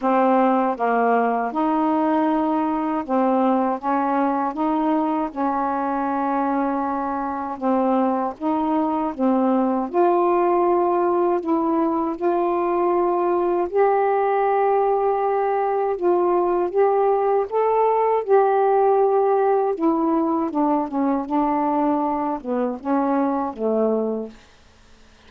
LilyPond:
\new Staff \with { instrumentName = "saxophone" } { \time 4/4 \tempo 4 = 79 c'4 ais4 dis'2 | c'4 cis'4 dis'4 cis'4~ | cis'2 c'4 dis'4 | c'4 f'2 e'4 |
f'2 g'2~ | g'4 f'4 g'4 a'4 | g'2 e'4 d'8 cis'8 | d'4. b8 cis'4 a4 | }